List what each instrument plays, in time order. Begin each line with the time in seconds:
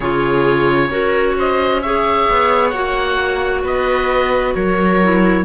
0.00 cello C#3, clarinet F4, viola G#4, oboe C#5
0.90 cello C#4, clarinet F#4, viola A#4
1.37 viola C5, oboe D#5
1.82 clarinet G#4, viola C#5, oboe E5
2.30 cello B3
2.69 cello A#3, clarinet F#4, oboe F#5
3.63 cello B3, viola B4, oboe D#5
4.54 cello F#3, viola A#4, oboe C#5
5.02 clarinet E4